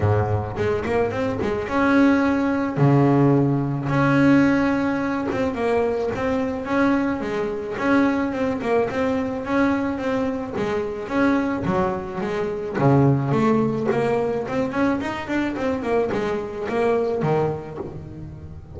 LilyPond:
\new Staff \with { instrumentName = "double bass" } { \time 4/4 \tempo 4 = 108 gis,4 gis8 ais8 c'8 gis8 cis'4~ | cis'4 cis2 cis'4~ | cis'4. c'8 ais4 c'4 | cis'4 gis4 cis'4 c'8 ais8 |
c'4 cis'4 c'4 gis4 | cis'4 fis4 gis4 cis4 | a4 ais4 c'8 cis'8 dis'8 d'8 | c'8 ais8 gis4 ais4 dis4 | }